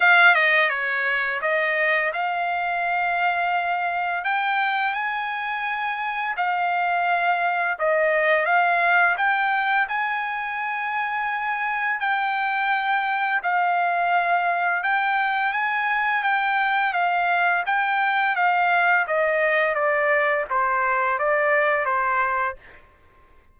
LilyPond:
\new Staff \with { instrumentName = "trumpet" } { \time 4/4 \tempo 4 = 85 f''8 dis''8 cis''4 dis''4 f''4~ | f''2 g''4 gis''4~ | gis''4 f''2 dis''4 | f''4 g''4 gis''2~ |
gis''4 g''2 f''4~ | f''4 g''4 gis''4 g''4 | f''4 g''4 f''4 dis''4 | d''4 c''4 d''4 c''4 | }